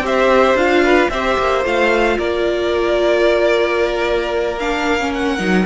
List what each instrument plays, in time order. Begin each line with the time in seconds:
0.00 cello C4, viola G4, violin C5 E5
0.54 cello D4, viola F4, violin F5
0.84 violin B4
1.10 cello C4, viola G4, violin C5 E5
1.39 cello A#3
1.63 cello A3, viola F4, violin F5
2.17 cello A#3, violin A#4 D5
4.59 viola D4, violin F5
4.99 viola C#4
5.14 violin F#5
5.38 cello F#3, viola D#4